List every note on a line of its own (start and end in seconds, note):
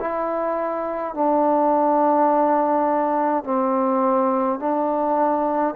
0.00 1.14 E4
1.14 3.44 D4
3.44 4.59 C4
4.59 5.75 D4